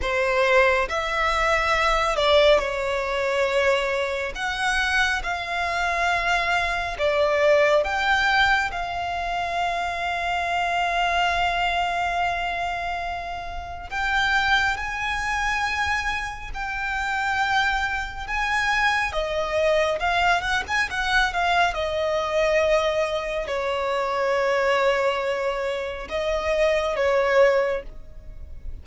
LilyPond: \new Staff \with { instrumentName = "violin" } { \time 4/4 \tempo 4 = 69 c''4 e''4. d''8 cis''4~ | cis''4 fis''4 f''2 | d''4 g''4 f''2~ | f''1 |
g''4 gis''2 g''4~ | g''4 gis''4 dis''4 f''8 fis''16 gis''16 | fis''8 f''8 dis''2 cis''4~ | cis''2 dis''4 cis''4 | }